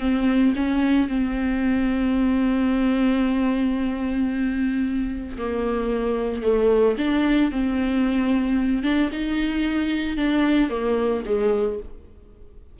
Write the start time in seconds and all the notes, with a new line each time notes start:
0.00 C4
0.56 C#4
1.08 C4
5.38 A#3
6.43 A3
6.98 D4
7.51 C4
8.83 D4
9.12 D#4
10.17 D4
10.70 A#3
11.26 G#3